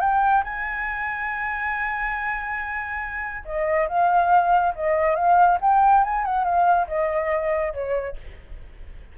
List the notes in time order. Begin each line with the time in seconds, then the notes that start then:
0.00 G5
0.43 G#5
3.44 D#5
3.88 F5
4.75 D#5
5.15 F5
5.61 G5
6.04 G#5
6.24 F#5
6.44 F5
6.87 D#5
7.73 C#5